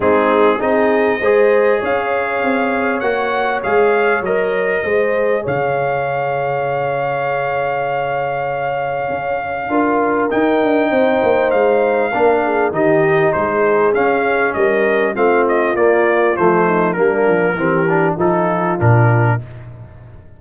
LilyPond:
<<
  \new Staff \with { instrumentName = "trumpet" } { \time 4/4 \tempo 4 = 99 gis'4 dis''2 f''4~ | f''4 fis''4 f''4 dis''4~ | dis''4 f''2.~ | f''1~ |
f''4 g''2 f''4~ | f''4 dis''4 c''4 f''4 | dis''4 f''8 dis''8 d''4 c''4 | ais'2 a'4 ais'4 | }
  \new Staff \with { instrumentName = "horn" } { \time 4/4 dis'4 gis'4 c''4 cis''4~ | cis''1 | c''4 cis''2.~ | cis''1 |
ais'2 c''2 | ais'8 gis'8 g'4 gis'2 | ais'4 f'2~ f'8 dis'8 | d'4 g'4 f'2 | }
  \new Staff \with { instrumentName = "trombone" } { \time 4/4 c'4 dis'4 gis'2~ | gis'4 fis'4 gis'4 ais'4 | gis'1~ | gis'1 |
f'4 dis'2. | d'4 dis'2 cis'4~ | cis'4 c'4 ais4 a4 | ais4 c'8 d'8 dis'4 d'4 | }
  \new Staff \with { instrumentName = "tuba" } { \time 4/4 gis4 c'4 gis4 cis'4 | c'4 ais4 gis4 fis4 | gis4 cis2.~ | cis2. cis'4 |
d'4 dis'8 d'8 c'8 ais8 gis4 | ais4 dis4 gis4 cis'4 | g4 a4 ais4 f4 | g8 f8 e4 f4 ais,4 | }
>>